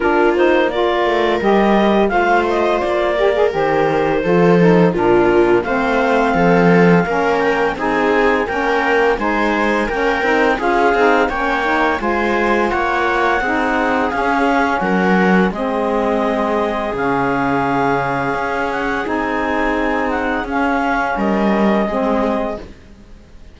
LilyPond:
<<
  \new Staff \with { instrumentName = "clarinet" } { \time 4/4 \tempo 4 = 85 ais'8 c''8 d''4 dis''4 f''8 dis''8 | d''4 c''2 ais'4 | f''2~ f''8 g''8 gis''4 | g''4 gis''4 g''4 f''4 |
g''4 gis''4 fis''2 | f''4 fis''4 dis''2 | f''2~ f''8 fis''8 gis''4~ | gis''8 fis''8 f''4 dis''2 | }
  \new Staff \with { instrumentName = "viola" } { \time 4/4 f'4 ais'2 c''4~ | c''8 ais'4. a'4 f'4 | c''4 a'4 ais'4 gis'4 | ais'4 c''4 ais'4 gis'4 |
cis''4 c''4 cis''4 gis'4~ | gis'4 ais'4 gis'2~ | gis'1~ | gis'2 ais'4 gis'4 | }
  \new Staff \with { instrumentName = "saxophone" } { \time 4/4 d'8 dis'8 f'4 g'4 f'4~ | f'8 g'16 gis'16 g'4 f'8 dis'8 d'4 | c'2 cis'4 dis'4 | cis'4 dis'4 cis'8 dis'8 f'8 dis'8 |
cis'8 dis'8 f'2 dis'4 | cis'2 c'2 | cis'2. dis'4~ | dis'4 cis'2 c'4 | }
  \new Staff \with { instrumentName = "cello" } { \time 4/4 ais4. a8 g4 a4 | ais4 dis4 f4 ais,4 | a4 f4 ais4 c'4 | ais4 gis4 ais8 c'8 cis'8 c'8 |
ais4 gis4 ais4 c'4 | cis'4 fis4 gis2 | cis2 cis'4 c'4~ | c'4 cis'4 g4 gis4 | }
>>